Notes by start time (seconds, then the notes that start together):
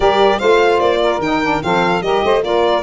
0.00 G3 G4 A#4 D5
0.38 A3 F4 C5 F5
0.79 A#3 D5
1.03 A#4
1.19 D#3 D#4 G5
1.42 D4
1.60 F3 C4 A4 F5
2.01 G3 G4 A#4 D#5
2.23 A3 C5
2.41 A#3 F4 A#4 D5